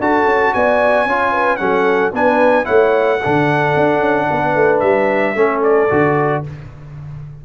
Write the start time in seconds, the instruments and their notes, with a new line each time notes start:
0.00 tuba D4, trombone F#4, horn A4, trumpet A5
0.26 tuba C#4
0.54 tuba B3, horn D5, trumpet G#5
1.06 tuba C#4, trombone F4, horn C#5
1.33 horn B4
1.57 tuba F#3, trombone C#4, horn A4, trumpet F#5
2.13 tuba B3, trombone D4, horn B4, trumpet G#5
2.65 tuba A3, trombone E4, horn C#5, trumpet F#5
3.20 trombone D4, horn A4
3.26 tuba D3
3.76 tuba D4
4.00 tuba C#4
4.31 tuba B3, horn B4
4.56 tuba A3
4.80 tuba G3, trumpet E5
5.36 tuba A3, trombone C#4, horn A4
5.64 trumpet D5
5.91 tuba D3, trombone F#4